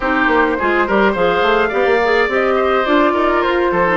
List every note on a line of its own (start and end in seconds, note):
0.00 0.27 C4
0.00 0.58 D#4
0.00 0.57 G4
0.00 1.15 C5
0.27 0.55 A#3
0.58 0.88 G#3
0.58 0.87 F4
0.58 0.87 G#4
0.87 1.15 G3
0.87 1.15 G4
0.87 1.12 A#4
1.12 1.42 F3
1.12 1.70 G#4
1.12 1.68 C5
1.12 2.29 F5
1.42 1.70 A3
1.68 1.85 B3
1.68 1.98 G4
1.68 2.54 D5
1.85 2.28 A#3
2.03 2.29 G#4
2.28 2.85 C4
2.28 2.85 G4
2.28 2.85 D#5
2.55 3.13 C5
2.85 3.14 D4
2.85 3.85 F4
2.85 3.41 D5
3.13 3.43 D#4
3.13 3.70 A#4
3.41 3.72 F4
3.41 3.97 C5
3.71 3.97 F3
3.71 3.97 A4
3.86 3.97 D#4